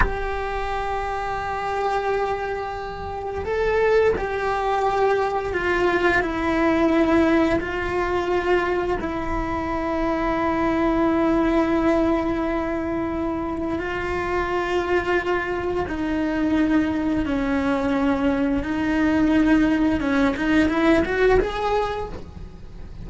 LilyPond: \new Staff \with { instrumentName = "cello" } { \time 4/4 \tempo 4 = 87 g'1~ | g'4 a'4 g'2 | f'4 e'2 f'4~ | f'4 e'2.~ |
e'1 | f'2. dis'4~ | dis'4 cis'2 dis'4~ | dis'4 cis'8 dis'8 e'8 fis'8 gis'4 | }